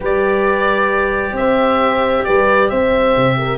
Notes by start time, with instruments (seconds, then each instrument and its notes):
0.00 tuba G3, cello G4, horn B4, oboe D5
1.31 tuba C4, horn C5, oboe E5
2.24 tuba G3, horn B4, oboe D5
2.69 tuba C4, horn C5, oboe E5
3.16 tuba C3
3.38 horn A#4